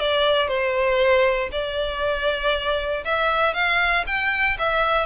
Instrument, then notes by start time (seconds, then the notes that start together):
violin
0.00 D5
0.48 C5
1.52 D5
3.05 E5
3.54 F5
4.07 G5
4.59 E5